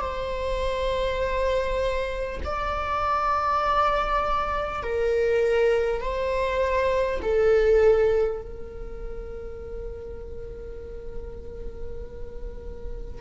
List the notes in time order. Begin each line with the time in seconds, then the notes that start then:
0.00 C5
2.44 D5
4.82 A#4
6.01 C5
7.22 A4
8.42 A#4